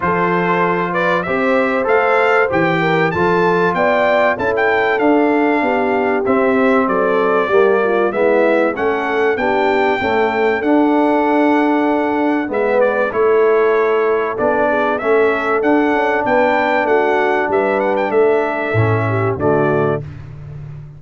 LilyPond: <<
  \new Staff \with { instrumentName = "trumpet" } { \time 4/4 \tempo 4 = 96 c''4. d''8 e''4 f''4 | g''4 a''4 g''4 a''16 g''8. | f''2 e''4 d''4~ | d''4 e''4 fis''4 g''4~ |
g''4 fis''2. | e''8 d''8 cis''2 d''4 | e''4 fis''4 g''4 fis''4 | e''8 fis''16 g''16 e''2 d''4 | }
  \new Staff \with { instrumentName = "horn" } { \time 4/4 a'4. b'8 c''2~ | c''8 ais'8 a'4 d''4 a'4~ | a'4 g'2 a'4 | g'8 f'8 e'4 a'4 g'4 |
a'1 | b'4 a'2~ a'8 gis'8 | a'2 b'4 fis'4 | b'4 a'4. g'8 fis'4 | }
  \new Staff \with { instrumentName = "trombone" } { \time 4/4 f'2 g'4 a'4 | g'4 f'2 e'4 | d'2 c'2 | ais4 b4 cis'4 d'4 |
a4 d'2. | b4 e'2 d'4 | cis'4 d'2.~ | d'2 cis'4 a4 | }
  \new Staff \with { instrumentName = "tuba" } { \time 4/4 f2 c'4 a4 | e4 f4 b4 cis'4 | d'4 b4 c'4 fis4 | g4 gis4 a4 b4 |
cis'4 d'2. | gis4 a2 b4 | a4 d'8 cis'8 b4 a4 | g4 a4 a,4 d4 | }
>>